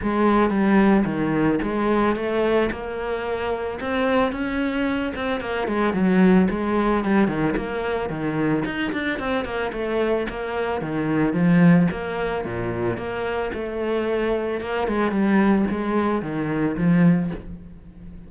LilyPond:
\new Staff \with { instrumentName = "cello" } { \time 4/4 \tempo 4 = 111 gis4 g4 dis4 gis4 | a4 ais2 c'4 | cis'4. c'8 ais8 gis8 fis4 | gis4 g8 dis8 ais4 dis4 |
dis'8 d'8 c'8 ais8 a4 ais4 | dis4 f4 ais4 ais,4 | ais4 a2 ais8 gis8 | g4 gis4 dis4 f4 | }